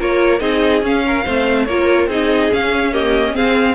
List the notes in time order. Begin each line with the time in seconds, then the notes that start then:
0.00 A#3 F4 A#4 C#5
0.40 C4 D#4 G#4 D#5
0.82 C#4 F5
1.07 A#4
1.25 A3 C4 C5
1.66 A#3 F4 A#4 C#5
2.08 C4 D#4 G#4 D#5
2.51 C#4 F5
2.93 A#3 G4 D#5
3.33 C4 G#4 F5